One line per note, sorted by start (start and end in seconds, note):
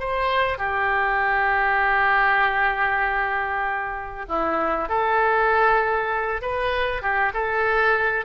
0.00 0.58 C5
0.58 4.26 G4
4.29 4.89 E4
4.89 6.42 A4
6.42 7.02 B4
7.02 7.33 G4
7.34 8.25 A4